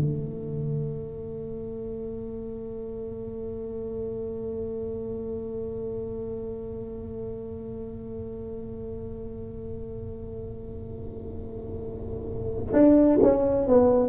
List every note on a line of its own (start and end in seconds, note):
0.00 12.73 A3
12.73 13.18 D4
13.22 13.67 C#4
13.67 14.09 B3